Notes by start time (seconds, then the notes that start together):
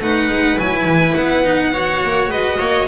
0.00 A3 D#4 B4 F#5
0.29 G#3
0.58 F#3 E4 G#5
0.85 E3
1.14 B3 F#5
1.44 D#4
1.72 F#4 C#5
2.03 A#3
2.28 G#3 B4 D#5
2.58 A#3 C#5